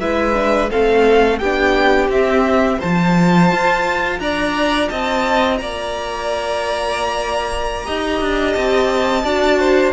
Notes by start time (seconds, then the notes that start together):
0.00 G#3 E4 B4 E5
0.34 D4
0.71 A3 C4 A4 F5
1.39 B3 D4 G4 G5
2.09 C4 E5
2.79 F3 F4 C5 A5
3.52 F4
4.20 D4 D5 A#5
4.89 C4 D#5 A5
5.58 A#3 D5 A#5
7.85 D#4 G4 D#5
8.21 D4
8.53 C4 A5
9.24 D4 F#4 D5
9.60 C5